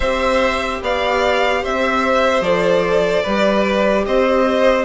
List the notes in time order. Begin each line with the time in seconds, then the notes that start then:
0.00 C4 G4 C5 E5
0.82 B3 D5 F5
1.61 C4 C5 E5
2.41 F3 A4 D5
3.22 G3 G4 B4
4.06 C4 C5 D#5